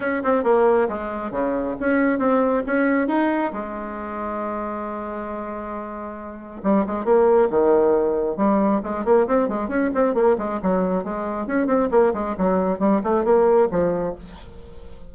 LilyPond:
\new Staff \with { instrumentName = "bassoon" } { \time 4/4 \tempo 4 = 136 cis'8 c'8 ais4 gis4 cis4 | cis'4 c'4 cis'4 dis'4 | gis1~ | gis2. g8 gis8 |
ais4 dis2 g4 | gis8 ais8 c'8 gis8 cis'8 c'8 ais8 gis8 | fis4 gis4 cis'8 c'8 ais8 gis8 | fis4 g8 a8 ais4 f4 | }